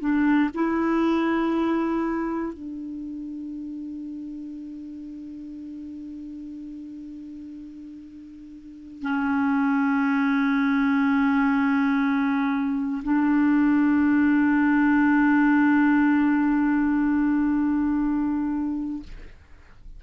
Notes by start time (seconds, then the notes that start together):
0.00 D4
0.55 E4
2.53 D4
9.02 C#4
13.03 D4